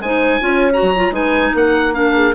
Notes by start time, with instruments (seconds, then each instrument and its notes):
0.00 bassoon G#3, clarinet D#4, horn C5, oboe G#5
0.41 bassoon C#4, clarinet F4, horn C#5
0.74 clarinet F#4, oboe A#5
0.83 bassoon F#3
0.97 clarinet F4
1.11 bassoon G#3, clarinet D#4, horn B4, oboe G#5
1.54 bassoon A#3, horn A#4, oboe F#5
1.94 clarinet D4, oboe F5
2.15 horn G#4